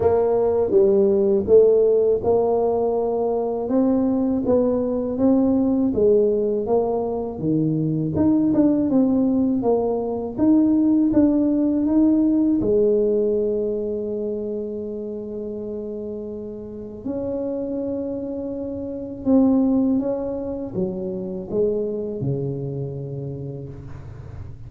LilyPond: \new Staff \with { instrumentName = "tuba" } { \time 4/4 \tempo 4 = 81 ais4 g4 a4 ais4~ | ais4 c'4 b4 c'4 | gis4 ais4 dis4 dis'8 d'8 | c'4 ais4 dis'4 d'4 |
dis'4 gis2.~ | gis2. cis'4~ | cis'2 c'4 cis'4 | fis4 gis4 cis2 | }